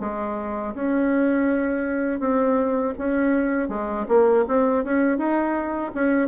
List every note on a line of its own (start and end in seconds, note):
0.00 0.74 G#3
0.74 2.20 C#4
2.20 2.94 C4
2.98 3.69 C#4
3.69 4.06 G#3
4.08 4.45 A#3
4.48 4.84 C4
4.84 5.18 C#4
5.18 5.92 D#4
5.94 6.28 C#4